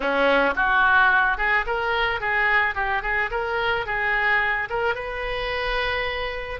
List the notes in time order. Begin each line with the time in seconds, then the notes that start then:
0.00 C#4
0.55 F#4
1.37 G#4
1.66 A#4
2.20 G#4
2.74 G4
3.02 G#4
3.31 A#4
3.86 G#4
4.69 A#4
4.94 B4